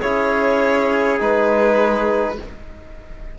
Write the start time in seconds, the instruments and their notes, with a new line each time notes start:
0.00 cello C#4, trombone E4, trumpet G#4, violin C#5
1.20 cello G#3, trombone D#4, violin B4